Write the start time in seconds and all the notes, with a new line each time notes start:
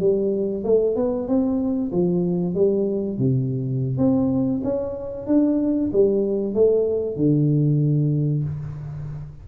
0.00 G3
0.64 A3
0.96 B3
1.28 C4
1.92 F3
2.55 G3
3.18 C3
3.98 C4
4.64 C#4
5.27 D4
5.93 G3
6.54 A3
7.16 D3